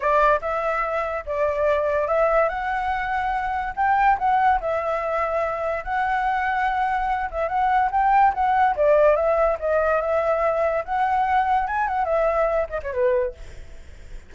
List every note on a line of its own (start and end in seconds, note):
0.00 0.40 D5
0.41 1.24 E5
1.25 2.07 D5
2.07 2.48 E5
2.48 3.73 F#5
3.76 4.17 G5
4.18 4.60 F#5
4.60 5.84 E5
5.84 7.30 F#5
7.30 7.48 E5
7.48 7.90 F#5
7.91 8.33 G5
8.34 8.75 F#5
8.75 9.16 D5
9.16 9.57 E5
9.59 10.01 D#5
10.01 10.84 E5
10.84 11.67 F#5
11.67 11.87 G#5
11.87 12.04 F#5
12.04 12.67 E5
12.69 12.80 D#5
12.82 12.93 C#5
12.93 13.34 B4